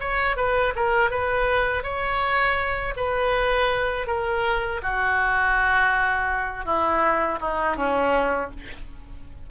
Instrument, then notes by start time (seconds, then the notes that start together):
oboe
0.00 C#5
0.36 B4
0.76 A#4
1.10 B4
1.83 C#5
2.97 B4
4.07 A#4
4.82 F#4
6.65 E4
7.41 D#4
7.76 C#4